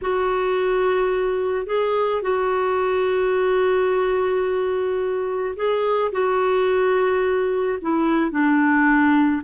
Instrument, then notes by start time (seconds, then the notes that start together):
clarinet
0.01 F#4
1.66 G#4
2.21 F#4
5.56 G#4
6.12 F#4
7.81 E4
8.31 D4